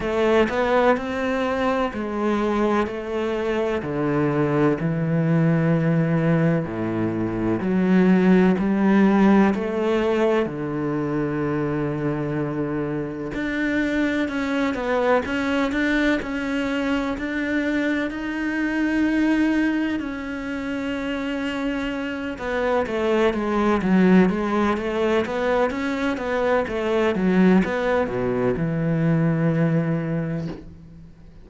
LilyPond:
\new Staff \with { instrumentName = "cello" } { \time 4/4 \tempo 4 = 63 a8 b8 c'4 gis4 a4 | d4 e2 a,4 | fis4 g4 a4 d4~ | d2 d'4 cis'8 b8 |
cis'8 d'8 cis'4 d'4 dis'4~ | dis'4 cis'2~ cis'8 b8 | a8 gis8 fis8 gis8 a8 b8 cis'8 b8 | a8 fis8 b8 b,8 e2 | }